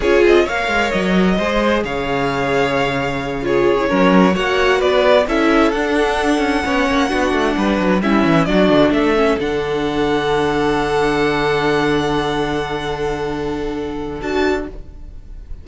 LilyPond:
<<
  \new Staff \with { instrumentName = "violin" } { \time 4/4 \tempo 4 = 131 cis''8 dis''8 f''4 dis''2 | f''2.~ f''8 cis''8~ | cis''4. fis''4 d''4 e''8~ | e''8 fis''2.~ fis''8~ |
fis''4. e''4 d''4 e''8~ | e''8 fis''2.~ fis''8~ | fis''1~ | fis''2. a''4 | }
  \new Staff \with { instrumentName = "violin" } { \time 4/4 gis'4 cis''2 c''4 | cis''2.~ cis''8 gis'8~ | gis'8 ais'4 cis''4 b'4 a'8~ | a'2~ a'8 cis''4 fis'8~ |
fis'8 b'4 e'4 fis'4 a'8~ | a'1~ | a'1~ | a'1 | }
  \new Staff \with { instrumentName = "viola" } { \time 4/4 f'4 ais'2 gis'4~ | gis'2.~ gis'8 f'8~ | f'16 e'16 cis'4 fis'2 e'8~ | e'8 d'2 cis'4 d'8~ |
d'4. cis'4 d'4. | cis'8 d'2.~ d'8~ | d'1~ | d'2. fis'4 | }
  \new Staff \with { instrumentName = "cello" } { \time 4/4 cis'8 c'8 ais8 gis8 fis4 gis4 | cis1~ | cis8 fis4 ais4 b4 cis'8~ | cis'8 d'4. cis'8 b8 ais8 b8 |
a8 g8 fis8 g8 e8 fis8 d8 a8~ | a8 d2.~ d8~ | d1~ | d2. d'4 | }
>>